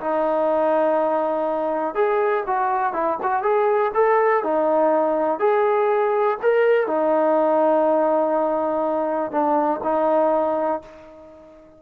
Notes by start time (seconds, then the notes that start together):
0.00 D#4
1.94 G#4
2.46 F#4
2.93 E4
3.22 F#4
3.42 G#4
3.94 A4
4.43 D#4
5.39 G#4
6.42 A#4
6.87 D#4
9.31 D4
9.83 D#4